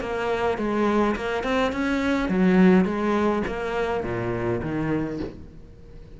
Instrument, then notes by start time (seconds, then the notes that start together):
cello
0.00 A#3
0.58 G#3
1.16 A#3
1.43 C4
1.72 C#4
2.29 F#3
2.85 G#3
3.47 A#3
4.03 A#2
4.62 D#3